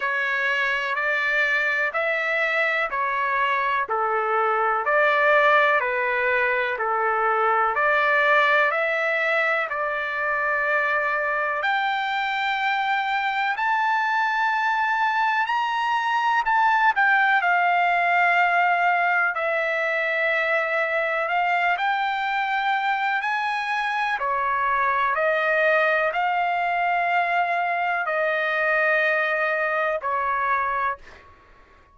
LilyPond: \new Staff \with { instrumentName = "trumpet" } { \time 4/4 \tempo 4 = 62 cis''4 d''4 e''4 cis''4 | a'4 d''4 b'4 a'4 | d''4 e''4 d''2 | g''2 a''2 |
ais''4 a''8 g''8 f''2 | e''2 f''8 g''4. | gis''4 cis''4 dis''4 f''4~ | f''4 dis''2 cis''4 | }